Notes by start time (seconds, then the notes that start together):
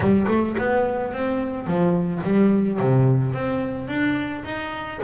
0.00 G3
0.27 A3
0.57 B3
1.12 C4
1.66 F3
2.23 G3
2.79 C3
3.33 C4
3.88 D4
4.44 D#4